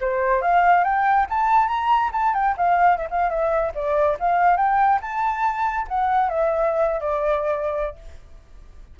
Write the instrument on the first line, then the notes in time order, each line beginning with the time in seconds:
flute
0.00 C5
0.41 F5
0.83 G5
1.29 A5
1.67 A#5
2.12 A5
2.34 G5
2.57 F5
2.97 E5
3.10 F5
3.29 E5
3.74 D5
4.19 F5
4.56 G5
5.01 A5
5.87 F#5
6.29 E5
7.00 D5